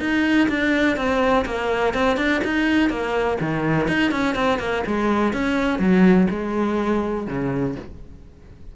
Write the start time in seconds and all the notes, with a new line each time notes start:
0.00 D#4
0.49 D4
0.97 C4
1.46 A#3
1.94 C4
2.18 D4
2.44 D#4
2.90 A#3
3.41 D#3
3.88 D#4
4.12 C#4
4.35 C4
4.59 A#3
4.87 G#3
5.33 C#4
5.79 F#3
6.31 G#3
7.28 C#3